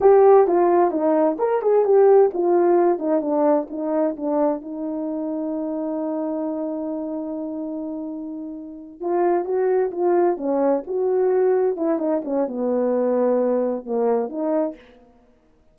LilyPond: \new Staff \with { instrumentName = "horn" } { \time 4/4 \tempo 4 = 130 g'4 f'4 dis'4 ais'8 gis'8 | g'4 f'4. dis'8 d'4 | dis'4 d'4 dis'2~ | dis'1~ |
dis'2.~ dis'8 f'8~ | f'8 fis'4 f'4 cis'4 fis'8~ | fis'4. e'8 dis'8 cis'8 b4~ | b2 ais4 dis'4 | }